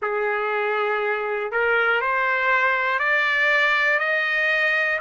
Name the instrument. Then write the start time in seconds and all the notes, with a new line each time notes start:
trumpet
0.02 G#4
1.51 A#4
2.00 C5
2.99 D5
3.99 D#5